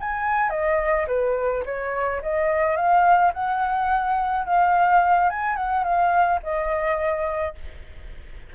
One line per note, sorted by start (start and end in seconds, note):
0.00 0.50 G#5
0.50 1.06 D#5
1.08 1.64 B4
1.66 2.22 C#5
2.23 2.77 D#5
2.77 3.33 F5
3.34 4.46 F#5
4.46 5.30 F5
5.30 5.57 G#5
5.57 5.84 F#5
5.84 6.40 F5
6.43 7.55 D#5